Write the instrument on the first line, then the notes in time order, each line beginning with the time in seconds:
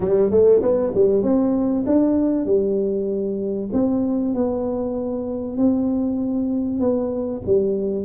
tuba
0.00 G3
0.30 A3
0.62 B3
0.94 G3
1.22 C4
1.86 D4
2.45 G3
3.73 C4
4.34 B3
5.57 C4
6.80 B3
7.45 G3